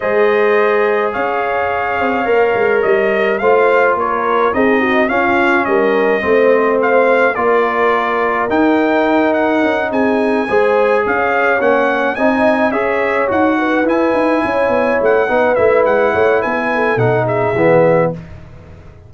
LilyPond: <<
  \new Staff \with { instrumentName = "trumpet" } { \time 4/4 \tempo 4 = 106 dis''2 f''2~ | f''4 dis''4 f''4 cis''4 | dis''4 f''4 dis''2 | f''4 d''2 g''4~ |
g''8 fis''4 gis''2 f''8~ | f''8 fis''4 gis''4 e''4 fis''8~ | fis''8 gis''2 fis''4 e''8 | fis''4 gis''4 fis''8 e''4. | }
  \new Staff \with { instrumentName = "horn" } { \time 4/4 c''2 cis''2~ | cis''2 c''4 ais'4 | gis'8 fis'8 f'4 ais'4 c''4~ | c''4 ais'2.~ |
ais'4. gis'4 c''4 cis''8~ | cis''4. dis''4 cis''4. | b'4. cis''4. b'4~ | b'8 cis''8 b'8 a'4 gis'4. | }
  \new Staff \with { instrumentName = "trombone" } { \time 4/4 gis'1 | ais'2 f'2 | dis'4 cis'2 c'4~ | c'4 f'2 dis'4~ |
dis'2~ dis'8 gis'4.~ | gis'8 cis'4 dis'4 gis'4 fis'8~ | fis'8 e'2~ e'8 dis'8 e'8~ | e'2 dis'4 b4 | }
  \new Staff \with { instrumentName = "tuba" } { \time 4/4 gis2 cis'4. c'8 | ais8 gis8 g4 a4 ais4 | c'4 cis'4 g4 a4~ | a4 ais2 dis'4~ |
dis'4 cis'8 c'4 gis4 cis'8~ | cis'8 ais4 c'4 cis'4 dis'8~ | dis'8 e'8 dis'8 cis'8 b8 a8 b8 a8 | gis8 a8 b4 b,4 e4 | }
>>